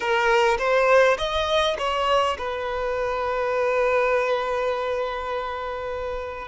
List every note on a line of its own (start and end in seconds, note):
0.00 0.57 A#4
0.58 1.17 C5
1.18 1.76 D#5
1.78 2.37 C#5
2.38 6.47 B4